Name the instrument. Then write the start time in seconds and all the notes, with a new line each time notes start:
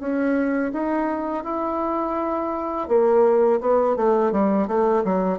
bassoon
0.00 C#4
0.73 D#4
1.44 E4
2.88 A#3
3.61 B3
3.97 A3
4.32 G3
4.68 A3
5.05 F#3